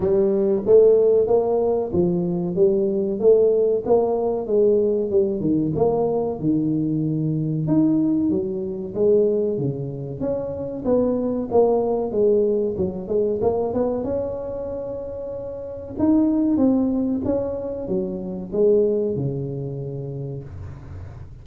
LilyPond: \new Staff \with { instrumentName = "tuba" } { \time 4/4 \tempo 4 = 94 g4 a4 ais4 f4 | g4 a4 ais4 gis4 | g8 dis8 ais4 dis2 | dis'4 fis4 gis4 cis4 |
cis'4 b4 ais4 gis4 | fis8 gis8 ais8 b8 cis'2~ | cis'4 dis'4 c'4 cis'4 | fis4 gis4 cis2 | }